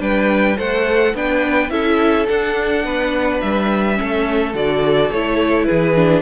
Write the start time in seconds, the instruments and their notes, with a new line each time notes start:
0.00 cello G3, viola D4, violin B4 G5
0.57 cello A3, viola A4, violin C5 F#5
1.13 cello B3, viola D4, violin B4 G5
1.69 cello C#4, viola E4, violin A4 E5
2.28 viola D4, cello D4, violin F#5
2.84 cello B3, violin B4
3.40 cello G3, violin E5
3.95 viola C#4, violin A4
4.01 cello A3
4.53 cello D3, viola F#4, violin D5
5.11 cello A3, viola E4, violin C#5
5.64 violin G#4 B4
5.71 cello E3
5.96 viola D4